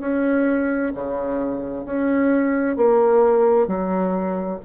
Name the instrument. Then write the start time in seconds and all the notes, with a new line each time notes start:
bassoon
0.00 C#4
0.95 C#3
1.85 C#4
2.77 A#3
3.67 F#3